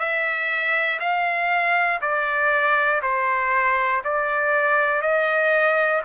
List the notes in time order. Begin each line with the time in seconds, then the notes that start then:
0.00 E5
1.00 F5
2.02 D5
3.02 C5
4.05 D5
5.02 D#5